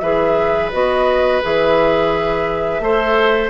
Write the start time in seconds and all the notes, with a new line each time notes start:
0.00 E3 G#4 B4 E5
0.72 B3 F#4 D#5
1.43 E3 G#4 E5
2.80 A3 A4 C5